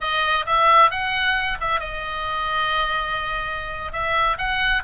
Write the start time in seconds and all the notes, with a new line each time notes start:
0.00 D#5
0.46 E5
0.91 F#5
1.60 E5
1.80 D#5
3.92 E5
4.38 F#5